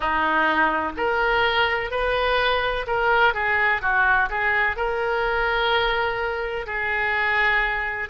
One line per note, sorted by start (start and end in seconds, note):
0.00 0.92 D#4
0.97 1.90 A#4
1.90 2.86 B4
2.87 3.33 A#4
3.33 3.81 G#4
3.81 4.29 F#4
4.29 4.76 G#4
4.76 6.66 A#4
6.66 8.09 G#4